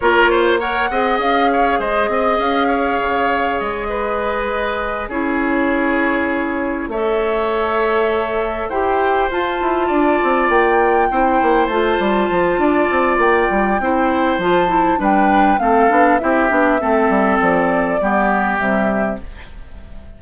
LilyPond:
<<
  \new Staff \with { instrumentName = "flute" } { \time 4/4 \tempo 4 = 100 cis''4 fis''4 f''4 dis''4 | f''2 dis''2~ | dis''8 cis''2. e''8~ | e''2~ e''8 g''4 a''8~ |
a''4. g''2 a''8~ | a''2 g''2 | a''4 g''4 f''4 e''4~ | e''4 d''2 e''4 | }
  \new Staff \with { instrumentName = "oboe" } { \time 4/4 ais'8 c''8 cis''8 dis''4 cis''8 c''8 dis''8~ | dis''8 cis''2 b'4.~ | b'8 gis'2. cis''8~ | cis''2~ cis''8 c''4.~ |
c''8 d''2 c''4.~ | c''4 d''2 c''4~ | c''4 b'4 a'4 g'4 | a'2 g'2 | }
  \new Staff \with { instrumentName = "clarinet" } { \time 4/4 f'4 ais'8 gis'2~ gis'8~ | gis'1~ | gis'8 e'2. a'8~ | a'2~ a'8 g'4 f'8~ |
f'2~ f'8 e'4 f'8~ | f'2. e'4 | f'8 e'8 d'4 c'8 d'8 e'8 d'8 | c'2 b4 g4 | }
  \new Staff \with { instrumentName = "bassoon" } { \time 4/4 ais4. c'8 cis'4 gis8 c'8 | cis'4 cis4 gis2~ | gis8 cis'2. a8~ | a2~ a8 e'4 f'8 |
e'8 d'8 c'8 ais4 c'8 ais8 a8 | g8 f8 d'8 c'8 ais8 g8 c'4 | f4 g4 a8 b8 c'8 b8 | a8 g8 f4 g4 c4 | }
>>